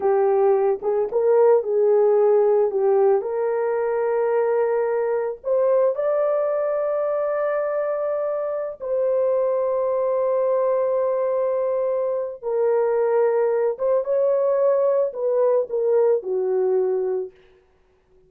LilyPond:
\new Staff \with { instrumentName = "horn" } { \time 4/4 \tempo 4 = 111 g'4. gis'8 ais'4 gis'4~ | gis'4 g'4 ais'2~ | ais'2 c''4 d''4~ | d''1~ |
d''16 c''2.~ c''8.~ | c''2. ais'4~ | ais'4. c''8 cis''2 | b'4 ais'4 fis'2 | }